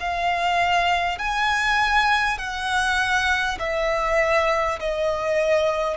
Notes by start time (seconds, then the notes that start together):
0.00 F5
1.18 G#5
2.38 F#5
3.59 E5
4.79 D#5